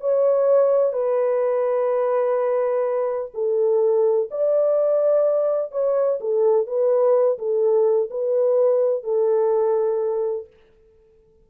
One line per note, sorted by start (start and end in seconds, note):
0.00 0.93 C#5
0.93 3.31 B4
3.34 4.29 A4
4.30 5.71 D5
5.71 6.19 C#5
6.20 6.66 A4
6.66 7.38 B4
7.38 8.09 A4
8.10 9.03 B4
9.03 10.46 A4